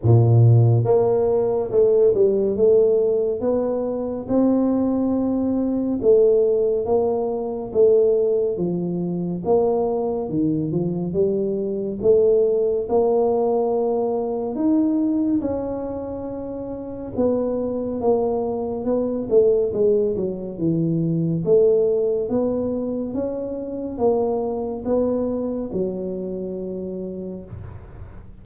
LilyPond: \new Staff \with { instrumentName = "tuba" } { \time 4/4 \tempo 4 = 70 ais,4 ais4 a8 g8 a4 | b4 c'2 a4 | ais4 a4 f4 ais4 | dis8 f8 g4 a4 ais4~ |
ais4 dis'4 cis'2 | b4 ais4 b8 a8 gis8 fis8 | e4 a4 b4 cis'4 | ais4 b4 fis2 | }